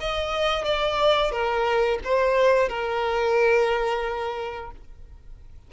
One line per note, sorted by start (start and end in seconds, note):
0.00 0.65 D#5
0.65 1.31 D5
1.31 1.99 A#4
2.04 2.69 C5
2.69 4.71 A#4